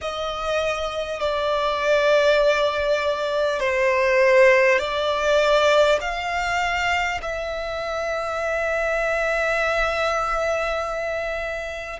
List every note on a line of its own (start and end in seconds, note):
0.01 1.20 D#5
1.20 3.60 D5
3.60 4.78 C5
4.78 5.98 D5
6.00 7.20 F5
7.22 11.99 E5